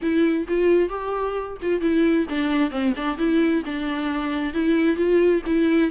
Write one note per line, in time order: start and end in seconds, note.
0.01 0.47 E4
0.48 0.89 F4
0.89 1.57 G4
1.61 1.80 F4
1.80 2.26 E4
2.29 2.70 D4
2.70 2.93 C4
2.95 3.17 D4
3.17 3.63 E4
3.65 4.53 D4
4.53 4.96 E4
4.96 5.42 F4
5.45 5.91 E4